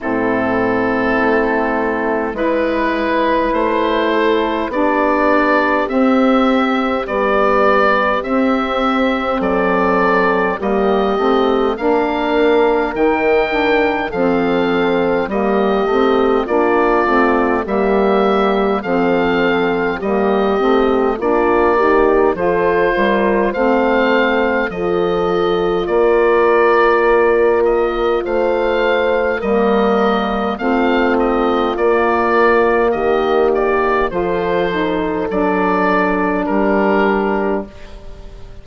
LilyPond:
<<
  \new Staff \with { instrumentName = "oboe" } { \time 4/4 \tempo 4 = 51 a'2 b'4 c''4 | d''4 e''4 d''4 e''4 | d''4 dis''4 f''4 g''4 | f''4 dis''4 d''4 e''4 |
f''4 dis''4 d''4 c''4 | f''4 dis''4 d''4. dis''8 | f''4 dis''4 f''8 dis''8 d''4 | dis''8 d''8 c''4 d''4 ais'4 | }
  \new Staff \with { instrumentName = "horn" } { \time 4/4 e'2 b'4. a'8 | g'1 | a'4 g'4 ais'2 | a'4 g'4 f'4 g'4 |
a'4 g'4 f'8 g'8 a'8 ais'8 | c''4 a'4 ais'2 | c''4 ais'4 f'2 | g'4 a'2 g'4 | }
  \new Staff \with { instrumentName = "saxophone" } { \time 4/4 c'2 e'2 | d'4 c'4 g4 c'4~ | c'4 ais8 c'8 d'4 dis'8 d'8 | c'4 ais8 c'8 d'8 c'8 ais4 |
c'4 ais8 c'8 d'8 dis'8 f'4 | c'4 f'2.~ | f'4 ais4 c'4 ais4~ | ais4 f'8 dis'8 d'2 | }
  \new Staff \with { instrumentName = "bassoon" } { \time 4/4 a,4 a4 gis4 a4 | b4 c'4 b4 c'4 | fis4 g8 a8 ais4 dis4 | f4 g8 a8 ais8 a8 g4 |
f4 g8 a8 ais4 f8 g8 | a4 f4 ais2 | a4 g4 a4 ais4 | dis4 f4 fis4 g4 | }
>>